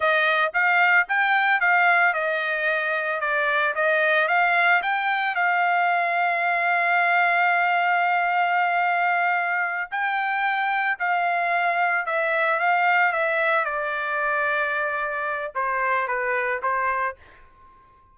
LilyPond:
\new Staff \with { instrumentName = "trumpet" } { \time 4/4 \tempo 4 = 112 dis''4 f''4 g''4 f''4 | dis''2 d''4 dis''4 | f''4 g''4 f''2~ | f''1~ |
f''2~ f''8 g''4.~ | g''8 f''2 e''4 f''8~ | f''8 e''4 d''2~ d''8~ | d''4 c''4 b'4 c''4 | }